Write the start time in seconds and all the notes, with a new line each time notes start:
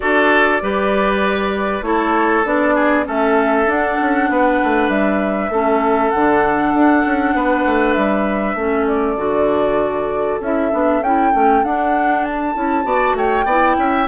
0.00 D4 F#4 A4 D5
0.61 G3 G4 B4
1.81 A3 E4 A4 C#5
2.44 B3 D4 D5
2.74 G#4
3.05 A3 C#4 A4 E5
3.65 D4 F#5
4.00 C#4
4.29 B3 B4
4.63 A3
4.88 G3 E5
5.49 A3 C#4 A4
6.10 D3 D4 F#5
6.73 D4
7.05 C#4
7.34 B3 B4
7.65 A3
7.93 G3 E5
8.54 A3 C#4 A4
8.87 D5
9.17 D3 F#4
10.40 C#4 E4 E5
10.71 B3 D4
11.00 C#4 E4 G5
11.33 A3 C#4
11.63 D4 F#5
12.24 A5
12.55 C#4 E4
12.84 B3 F#4 D5
13.13 A3 C#5 G5
13.45 B3 E4 D5
13.78 C#4 E5